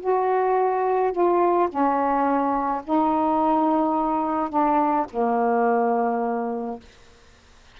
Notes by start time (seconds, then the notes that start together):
0.00 F#4
1.12 F4
1.69 C#4
2.84 D#4
4.49 D4
5.10 A#3